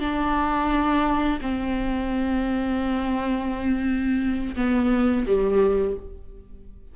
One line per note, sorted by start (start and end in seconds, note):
0.00 1.40 D4
1.42 4.56 C4
4.56 5.26 B3
5.27 5.97 G3